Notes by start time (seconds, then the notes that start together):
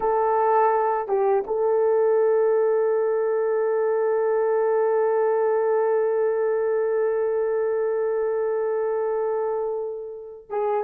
0.00 A4
1.07 G4
1.46 A4
10.49 G#4